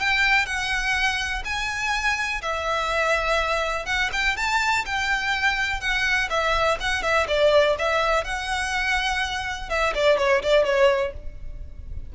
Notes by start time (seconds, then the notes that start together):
0.00 G5
0.46 F#5
1.45 G#5
2.42 E5
3.86 F#5
4.13 G5
4.37 A5
4.86 G5
5.81 F#5
6.30 E5
6.80 F#5
7.03 E5
7.28 D5
7.79 E5
8.25 F#5
9.69 E5
9.95 D5
10.18 C#5
10.43 D5
10.65 C#5